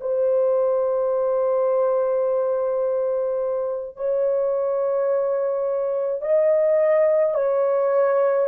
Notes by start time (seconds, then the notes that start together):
0.00 C5
3.96 C#5
6.21 D#5
7.34 C#5